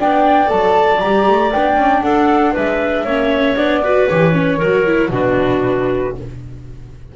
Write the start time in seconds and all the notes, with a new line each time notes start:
0.00 B3 D4 D5 G5
0.47 F#3 A4 A5
1.01 G3 G4 A#5
1.28 A3
1.53 B3 D4 G5
1.76 C#4
2.03 D4 A4 F#5
2.53 G#3 B4 E5
3.05 A#3 C#4 C#5
3.57 B3 D4 D5
3.82 F#4 B4
4.08 E3 G4 C#5
4.33 C#4
4.58 F#3 F#4 A#4
4.87 E4
5.10 B2 D4 F#4 B4